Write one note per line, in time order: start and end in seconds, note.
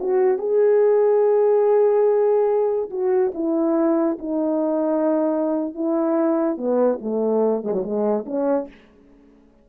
0.00 0.39 F#4
0.39 2.90 G#4
2.90 3.32 F#4
3.35 4.18 E4
4.19 5.75 D#4
5.75 6.57 E4
6.57 6.99 B3
7.01 7.63 A3
7.63 7.72 G#3
7.72 7.83 F#3
7.83 8.25 G#3
8.26 8.68 C#4